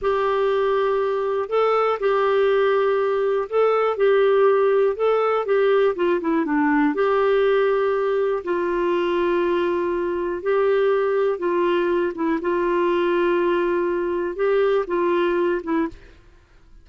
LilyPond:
\new Staff \with { instrumentName = "clarinet" } { \time 4/4 \tempo 4 = 121 g'2. a'4 | g'2. a'4 | g'2 a'4 g'4 | f'8 e'8 d'4 g'2~ |
g'4 f'2.~ | f'4 g'2 f'4~ | f'8 e'8 f'2.~ | f'4 g'4 f'4. e'8 | }